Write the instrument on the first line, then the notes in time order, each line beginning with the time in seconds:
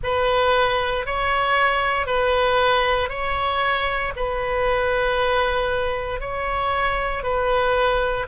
oboe
0.03 B4
1.06 C#5
2.06 B4
3.09 C#5
4.16 B4
6.20 C#5
7.23 B4